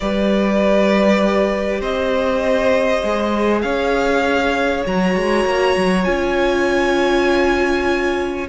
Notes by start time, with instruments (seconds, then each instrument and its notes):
0.00 cello G3, viola G4, violin B4 D5
1.80 cello C4, violin C5 D#5
3.03 cello G#3, viola G#4
3.61 cello C#4, violin C#5 F5
4.86 cello F#3, viola F#4, violin A#5
5.16 cello G#3
5.44 cello A#3
5.76 cello F#3
6.04 cello C#4, viola F4, violin G#5